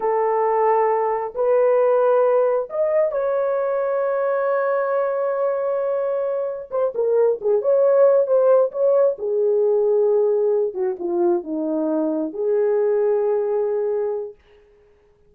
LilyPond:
\new Staff \with { instrumentName = "horn" } { \time 4/4 \tempo 4 = 134 a'2. b'4~ | b'2 dis''4 cis''4~ | cis''1~ | cis''2. c''8 ais'8~ |
ais'8 gis'8 cis''4. c''4 cis''8~ | cis''8 gis'2.~ gis'8 | fis'8 f'4 dis'2 gis'8~ | gis'1 | }